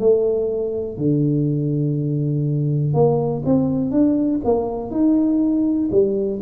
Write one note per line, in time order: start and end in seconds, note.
0.00 0.97 A3
0.97 2.94 D3
2.94 3.43 A#3
3.45 3.91 C4
3.91 4.40 D4
4.44 4.91 A#3
4.91 5.89 D#4
5.91 6.40 G3